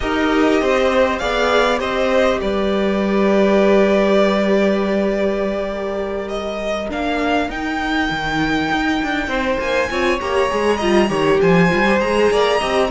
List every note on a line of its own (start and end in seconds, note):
0.00 0.61 D#4
0.00 1.19 G4
0.00 0.61 A#4
0.00 1.18 D#5
0.61 1.21 C4
0.61 1.19 C5
1.18 1.80 B3
1.18 1.78 G#4
1.18 1.79 D5
1.18 1.78 F5
1.78 2.40 C4
1.78 6.88 G4
1.78 2.39 C5
1.78 2.40 D#5
2.41 6.91 G3
2.41 5.70 B4
2.41 6.28 D5
5.70 9.29 A#4
6.28 6.88 D#5
6.89 7.49 A#3
6.89 7.49 D4
6.89 7.50 F5
7.49 8.09 D#4
7.49 9.89 D#4
7.49 9.60 G5
8.10 8.70 D#3
8.71 9.01 D#4
9.02 9.27 D4
9.27 9.57 C4
9.27 9.89 C5
9.59 9.89 A#3
9.59 10.20 G#5
9.89 10.20 C4
9.89 10.19 F4
9.89 10.77 C#5
10.20 10.51 A#3
10.20 10.50 G4
10.20 11.40 A#5
10.50 10.82 G#3
10.50 10.80 G#4
10.77 11.10 G3
10.77 11.08 F4
10.77 11.06 D#5
11.08 11.40 D#3
11.08 11.68 G4
11.08 11.40 C#5
11.41 11.72 F3
11.41 12.31 C5
11.41 12.00 G#5
11.69 12.00 G3
11.69 11.84 F4
11.85 11.99 G4
11.99 12.30 G#3
11.99 12.59 G#4
11.99 12.90 A#5
12.30 12.60 A#3
12.30 12.57 D5
12.57 12.91 C4
12.57 12.90 G4
12.57 12.87 D#5